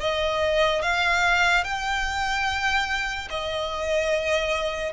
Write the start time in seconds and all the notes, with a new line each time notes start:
0.00 D#5
0.82 F5
1.64 G5
3.30 D#5